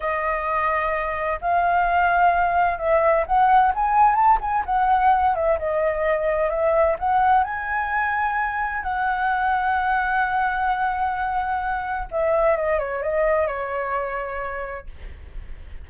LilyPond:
\new Staff \with { instrumentName = "flute" } { \time 4/4 \tempo 4 = 129 dis''2. f''4~ | f''2 e''4 fis''4 | gis''4 a''8 gis''8 fis''4. e''8 | dis''2 e''4 fis''4 |
gis''2. fis''4~ | fis''1~ | fis''2 e''4 dis''8 cis''8 | dis''4 cis''2. | }